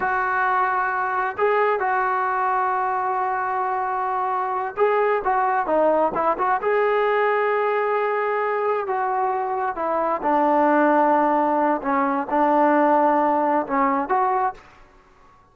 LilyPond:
\new Staff \with { instrumentName = "trombone" } { \time 4/4 \tempo 4 = 132 fis'2. gis'4 | fis'1~ | fis'2~ fis'8 gis'4 fis'8~ | fis'8 dis'4 e'8 fis'8 gis'4.~ |
gis'2.~ gis'8 fis'8~ | fis'4. e'4 d'4.~ | d'2 cis'4 d'4~ | d'2 cis'4 fis'4 | }